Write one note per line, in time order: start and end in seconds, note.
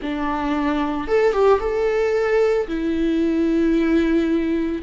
0.01 1.07 D4
1.07 1.32 A4
1.32 1.59 G4
1.59 2.67 A4
2.67 4.82 E4